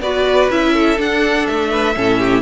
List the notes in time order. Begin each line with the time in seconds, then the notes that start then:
0.00 B3 F#4 B4 D5
0.50 C#4 E4 E5
0.73 A4
0.97 D4 F#5
1.46 A3 E5
1.71 B4
1.95 A2 C#4 A4
2.19 G4